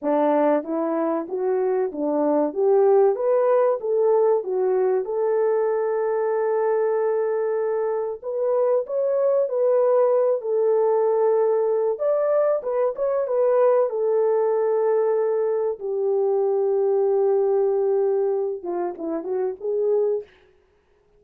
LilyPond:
\new Staff \with { instrumentName = "horn" } { \time 4/4 \tempo 4 = 95 d'4 e'4 fis'4 d'4 | g'4 b'4 a'4 fis'4 | a'1~ | a'4 b'4 cis''4 b'4~ |
b'8 a'2~ a'8 d''4 | b'8 cis''8 b'4 a'2~ | a'4 g'2.~ | g'4. f'8 e'8 fis'8 gis'4 | }